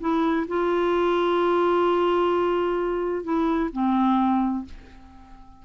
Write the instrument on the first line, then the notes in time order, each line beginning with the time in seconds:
clarinet
0.00 E4
0.48 F4
3.23 E4
3.72 C4